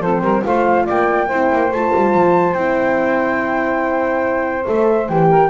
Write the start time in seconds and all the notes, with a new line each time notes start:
0.00 F3 C4 A4 C5
0.21 G3 A#4
0.44 A3 F4 C5 F5
0.85 A#3 D5 G5
1.27 C4 E4 C5
1.52 A#3
1.71 A3 F4 A5
1.95 G3
2.14 F3
2.54 C4 E4 G5
4.65 A3 A4 E5
5.08 E3 G4 G5
5.29 A#4